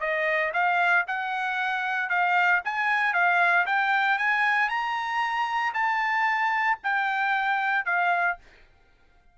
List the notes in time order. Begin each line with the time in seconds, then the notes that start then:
0.00 D#5
0.53 F5
1.07 F#5
2.09 F5
2.65 G#5
3.14 F5
3.66 G5
4.18 G#5
4.69 A#5
5.74 A5
6.83 G5
7.85 F5